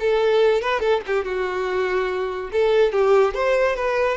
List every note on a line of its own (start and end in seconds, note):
0.00 0.62 A4
0.62 0.80 B4
0.80 1.01 A4
1.07 1.25 G4
1.25 2.51 F#4
2.52 2.92 A4
2.92 3.34 G4
3.34 3.76 C5
3.76 4.18 B4